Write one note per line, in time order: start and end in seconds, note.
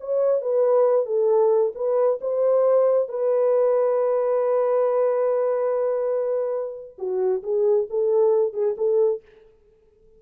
0.00 0.41 C#5
0.41 1.06 B4
1.06 1.72 A4
1.75 2.19 B4
2.21 3.08 C5
3.08 6.97 B4
6.98 7.42 F#4
7.43 7.87 G#4
7.90 8.53 A4
8.53 8.75 G#4
8.77 9.22 A4